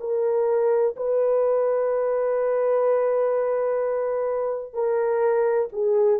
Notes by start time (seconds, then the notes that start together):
0.00 A#4
0.96 B4
4.74 A#4
5.72 G#4